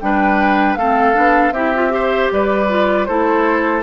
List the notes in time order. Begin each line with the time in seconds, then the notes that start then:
0.00 G3 D4 B4 G5
0.75 A3 C4 A4 F5
1.14 B3 D4
1.51 C4 E4 G4 E5
1.75 F4
1.90 G4 C5
2.32 G3 B4 D5
2.69 F4
3.05 A3 E4 A4 C5